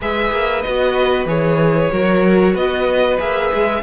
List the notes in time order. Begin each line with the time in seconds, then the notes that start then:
0.01 G#3 G#4 B4 E5
0.31 A#3
0.61 B3 F#4 D#5
1.25 E3 G#4 C#5
1.91 F#3 F#4 A#4
2.54 B3 B4 D#5
3.18 A#3 G#4 E5
3.53 G#3